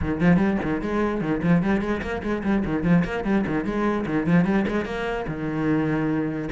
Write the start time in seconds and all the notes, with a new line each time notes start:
0.01 D#3
0.20 F3
0.36 G3
0.62 D#3
0.81 G#3
1.21 D#3
1.43 F3
1.62 G3
1.81 G#3
2.01 A#3
2.22 G#3
2.43 G3
2.65 D#3
2.83 F3
3.04 A#3
3.24 G3
3.46 D#3
3.64 G#3
4.06 D#3
4.26 F3
4.44 G3
4.67 G#3
4.85 A#3
5.27 D#3